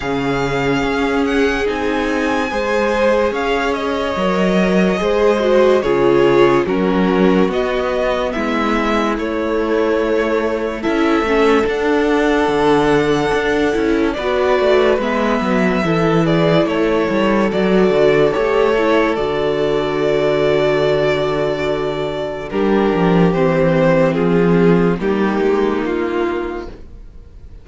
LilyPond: <<
  \new Staff \with { instrumentName = "violin" } { \time 4/4 \tempo 4 = 72 f''4. fis''8 gis''2 | f''8 dis''2~ dis''8 cis''4 | ais'4 dis''4 e''4 cis''4~ | cis''4 e''4 fis''2~ |
fis''4 d''4 e''4. d''8 | cis''4 d''4 cis''4 d''4~ | d''2. ais'4 | c''4 gis'4 g'4 f'4 | }
  \new Staff \with { instrumentName = "violin" } { \time 4/4 gis'2. c''4 | cis''2 c''4 gis'4 | fis'2 e'2~ | e'4 a'2.~ |
a'4 b'2 a'8 gis'8 | a'1~ | a'2. g'4~ | g'4 f'4 dis'2 | }
  \new Staff \with { instrumentName = "viola" } { \time 4/4 cis'2 dis'4 gis'4~ | gis'4 ais'4 gis'8 fis'8 f'4 | cis'4 b2 a4~ | a4 e'8 cis'8 d'2~ |
d'8 e'8 fis'4 b4 e'4~ | e'4 fis'4 g'8 e'8 fis'4~ | fis'2. d'4 | c'2 ais2 | }
  \new Staff \with { instrumentName = "cello" } { \time 4/4 cis4 cis'4 c'4 gis4 | cis'4 fis4 gis4 cis4 | fis4 b4 gis4 a4~ | a4 cis'8 a8 d'4 d4 |
d'8 cis'8 b8 a8 gis8 fis8 e4 | a8 g8 fis8 d8 a4 d4~ | d2. g8 f8 | e4 f4 g8 gis8 ais4 | }
>>